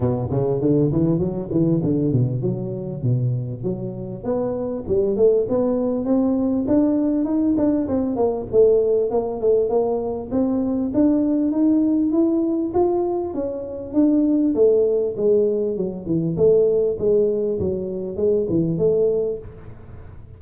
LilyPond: \new Staff \with { instrumentName = "tuba" } { \time 4/4 \tempo 4 = 99 b,8 cis8 d8 e8 fis8 e8 d8 b,8 | fis4 b,4 fis4 b4 | g8 a8 b4 c'4 d'4 | dis'8 d'8 c'8 ais8 a4 ais8 a8 |
ais4 c'4 d'4 dis'4 | e'4 f'4 cis'4 d'4 | a4 gis4 fis8 e8 a4 | gis4 fis4 gis8 e8 a4 | }